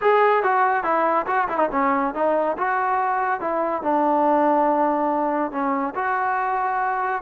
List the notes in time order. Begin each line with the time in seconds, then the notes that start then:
0.01 G#4
0.43 F#4
0.83 E4
1.26 F#4
1.48 E4
1.58 D#4
1.71 C#4
2.14 D#4
2.57 F#4
3.40 E4
3.82 D4
5.51 C#4
5.94 F#4